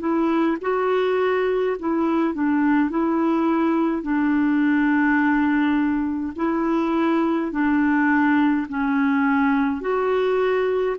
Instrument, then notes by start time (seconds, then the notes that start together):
clarinet
0.00 E4
0.62 F#4
1.79 E4
2.34 D4
2.91 E4
4.03 D4
6.37 E4
7.52 D4
8.69 C#4
9.81 F#4